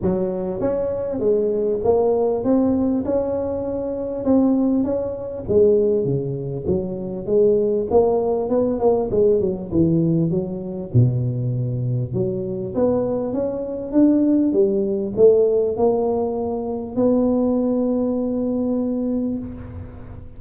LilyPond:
\new Staff \with { instrumentName = "tuba" } { \time 4/4 \tempo 4 = 99 fis4 cis'4 gis4 ais4 | c'4 cis'2 c'4 | cis'4 gis4 cis4 fis4 | gis4 ais4 b8 ais8 gis8 fis8 |
e4 fis4 b,2 | fis4 b4 cis'4 d'4 | g4 a4 ais2 | b1 | }